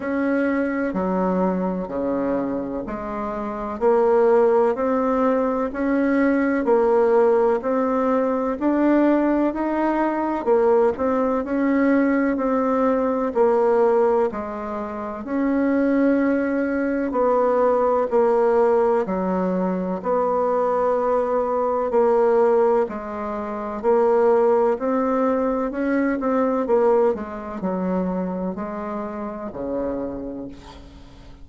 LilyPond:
\new Staff \with { instrumentName = "bassoon" } { \time 4/4 \tempo 4 = 63 cis'4 fis4 cis4 gis4 | ais4 c'4 cis'4 ais4 | c'4 d'4 dis'4 ais8 c'8 | cis'4 c'4 ais4 gis4 |
cis'2 b4 ais4 | fis4 b2 ais4 | gis4 ais4 c'4 cis'8 c'8 | ais8 gis8 fis4 gis4 cis4 | }